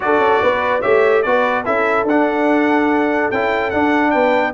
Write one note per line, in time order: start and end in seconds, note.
0.00 0.18 D4
0.00 0.82 F#4
0.00 0.42 A4
0.00 0.81 D5
0.18 0.38 C#4
0.42 0.83 B3
0.42 0.81 B4
0.81 1.25 A3
0.81 1.24 G4
0.81 1.22 C#5
0.81 1.22 E5
1.22 1.67 B3
1.22 1.65 F#4
1.22 1.65 B4
1.22 1.63 D5
1.65 2.03 C#4
1.65 2.06 E4
1.65 4.13 A4
1.65 2.06 E5
2.03 3.27 D4
2.03 3.31 F#5
2.10 3.33 D4
3.31 3.72 C#4
3.31 3.73 E4
3.31 3.70 G5
3.70 4.53 D4
3.70 4.14 D4
3.70 4.10 F#5
4.10 4.53 B3
4.10 4.53 B4
4.10 4.52 G5